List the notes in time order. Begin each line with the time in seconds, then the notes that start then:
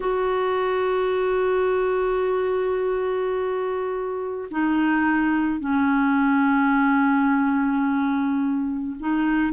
0.00 F#4
4.50 D#4
5.60 C#4
8.99 D#4